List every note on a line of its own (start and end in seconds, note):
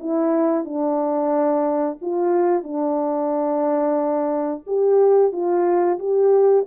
0.00 0.65 E4
0.65 1.98 D4
2.02 2.64 F4
2.64 4.64 D4
4.67 5.32 G4
5.32 5.99 F4
5.99 6.66 G4